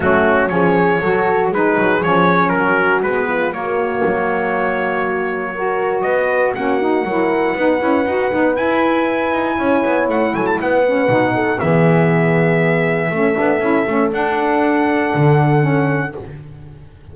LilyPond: <<
  \new Staff \with { instrumentName = "trumpet" } { \time 4/4 \tempo 4 = 119 fis'4 cis''2 b'4 | cis''4 ais'4 b'4 cis''4~ | cis''1 | dis''4 fis''2.~ |
fis''4 gis''2. | fis''8 gis''16 a''16 fis''2 e''4~ | e''1 | fis''1 | }
  \new Staff \with { instrumentName = "horn" } { \time 4/4 cis'4 gis'4 a'4 gis'4~ | gis'4 fis'4. f'8 fis'4~ | fis'2. ais'4 | b'4 fis'4 ais'4 b'4~ |
b'2. cis''4~ | cis''8 a'8 b'4. a'8 gis'4~ | gis'2 a'2~ | a'1 | }
  \new Staff \with { instrumentName = "saxophone" } { \time 4/4 a4 cis'4 fis'4 dis'4 | cis'2 b4 ais4~ | ais2. fis'4~ | fis'4 cis'8 dis'8 e'4 dis'8 e'8 |
fis'8 dis'8 e'2.~ | e'4. cis'8 dis'4 b4~ | b2 cis'8 d'8 e'8 cis'8 | d'2. cis'4 | }
  \new Staff \with { instrumentName = "double bass" } { \time 4/4 fis4 f4 fis4 gis8 fis8 | f4 fis4 gis4 ais4 | fis1 | b4 ais4 fis4 b8 cis'8 |
dis'8 b8 e'4. dis'8 cis'8 b8 | a8 fis8 b4 b,4 e4~ | e2 a8 b8 cis'8 a8 | d'2 d2 | }
>>